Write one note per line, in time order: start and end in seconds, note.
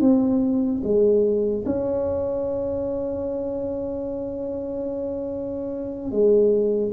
0.00 0.81 C4
0.83 1.64 G#3
1.65 6.11 C#4
6.11 6.92 G#3